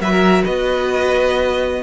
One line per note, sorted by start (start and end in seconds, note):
0.00 0.43 F#3
0.00 1.82 F#4
0.00 0.11 B4
0.00 0.44 E5
0.11 0.43 A#4
0.43 1.82 B3
0.43 1.82 B4
0.43 1.82 D#5